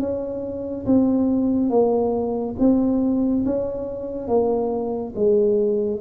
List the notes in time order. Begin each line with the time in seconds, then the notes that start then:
0.00 C#4
0.86 C4
1.70 A#3
2.59 C4
3.46 C#4
4.28 A#3
5.15 G#3